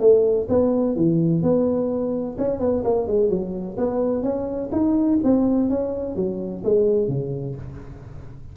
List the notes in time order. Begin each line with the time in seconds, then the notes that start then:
0.00 A3
0.49 B3
0.96 E3
1.42 B3
2.38 C#4
2.60 B3
2.84 A#3
3.07 G#3
3.29 F#3
3.77 B3
4.23 C#4
4.72 D#4
5.24 C4
5.70 C#4
6.16 F#3
6.64 G#3
7.08 C#3